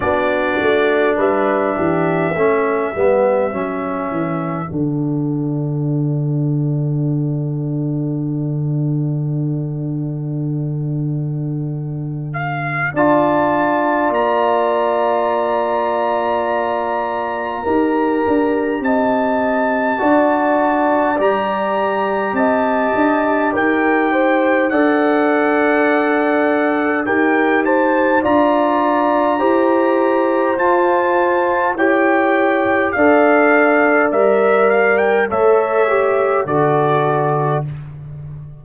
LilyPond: <<
  \new Staff \with { instrumentName = "trumpet" } { \time 4/4 \tempo 4 = 51 d''4 e''2. | fis''1~ | fis''2~ fis''8 f''8 a''4 | ais''1 |
a''2 ais''4 a''4 | g''4 fis''2 g''8 a''8 | ais''2 a''4 g''4 | f''4 e''8 f''16 g''16 e''4 d''4 | }
  \new Staff \with { instrumentName = "horn" } { \time 4/4 fis'4 b'8 g'8 a'2~ | a'1~ | a'2. d''4~ | d''2. ais'4 |
dis''4 d''2 dis''4 | ais'8 c''8 d''2 ais'8 c''8 | d''4 c''2 cis''4 | d''2 cis''4 a'4 | }
  \new Staff \with { instrumentName = "trombone" } { \time 4/4 d'2 cis'8 b8 cis'4 | d'1~ | d'2. f'4~ | f'2. g'4~ |
g'4 fis'4 g'2~ | g'4 a'2 g'4 | f'4 g'4 f'4 g'4 | a'4 ais'4 a'8 g'8 fis'4 | }
  \new Staff \with { instrumentName = "tuba" } { \time 4/4 b8 a8 g8 e8 a8 g8 fis8 e8 | d1~ | d2. d'4 | ais2. dis'8 d'8 |
c'4 d'4 g4 c'8 d'8 | dis'4 d'2 dis'4 | d'4 e'4 f'4 e'4 | d'4 g4 a4 d4 | }
>>